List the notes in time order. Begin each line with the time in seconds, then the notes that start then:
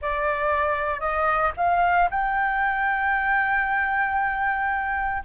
0.01 D5
0.99 D#5
1.57 F5
2.10 G5